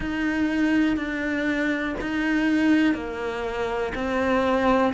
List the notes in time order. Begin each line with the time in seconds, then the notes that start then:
0.00 D#4
0.96 D4
2.00 D#4
2.94 A#3
3.94 C4